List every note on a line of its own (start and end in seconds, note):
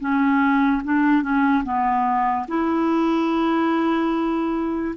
0.00 0.82 C#4
0.84 1.22 D4
1.22 1.63 C#4
1.64 2.46 B3
2.48 4.95 E4